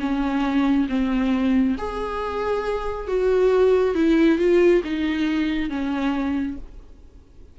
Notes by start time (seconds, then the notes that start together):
0.00 C#4
0.89 C4
1.78 G#4
3.08 F#4
3.95 E4
4.39 F4
4.84 D#4
5.70 C#4